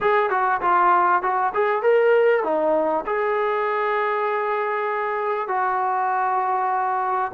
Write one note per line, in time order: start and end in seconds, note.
0.00 0.29 G#4
0.29 0.60 F#4
0.61 1.22 F4
1.22 1.53 F#4
1.53 1.82 G#4
1.82 2.43 A#4
2.43 3.04 D#4
3.06 5.48 G#4
5.48 7.31 F#4